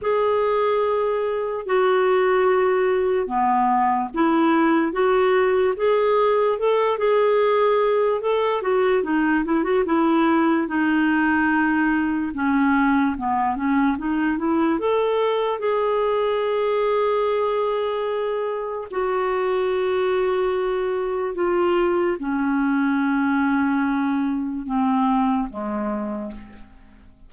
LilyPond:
\new Staff \with { instrumentName = "clarinet" } { \time 4/4 \tempo 4 = 73 gis'2 fis'2 | b4 e'4 fis'4 gis'4 | a'8 gis'4. a'8 fis'8 dis'8 e'16 fis'16 | e'4 dis'2 cis'4 |
b8 cis'8 dis'8 e'8 a'4 gis'4~ | gis'2. fis'4~ | fis'2 f'4 cis'4~ | cis'2 c'4 gis4 | }